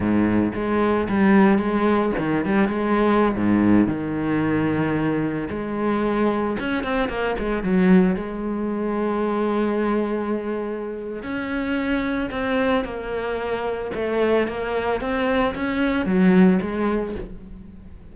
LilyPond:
\new Staff \with { instrumentName = "cello" } { \time 4/4 \tempo 4 = 112 gis,4 gis4 g4 gis4 | dis8 g8 gis4~ gis16 gis,4 dis8.~ | dis2~ dis16 gis4.~ gis16~ | gis16 cis'8 c'8 ais8 gis8 fis4 gis8.~ |
gis1~ | gis4 cis'2 c'4 | ais2 a4 ais4 | c'4 cis'4 fis4 gis4 | }